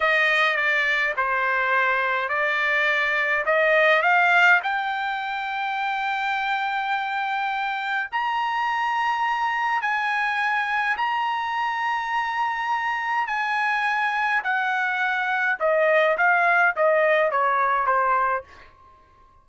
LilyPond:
\new Staff \with { instrumentName = "trumpet" } { \time 4/4 \tempo 4 = 104 dis''4 d''4 c''2 | d''2 dis''4 f''4 | g''1~ | g''2 ais''2~ |
ais''4 gis''2 ais''4~ | ais''2. gis''4~ | gis''4 fis''2 dis''4 | f''4 dis''4 cis''4 c''4 | }